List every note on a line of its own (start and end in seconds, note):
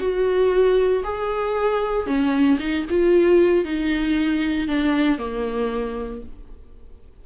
0.00 1.03 F#4
1.04 2.07 G#4
2.07 2.59 C#4
2.60 2.86 D#4
2.90 3.65 F4
3.65 4.68 D#4
4.68 5.18 D4
5.18 6.22 A#3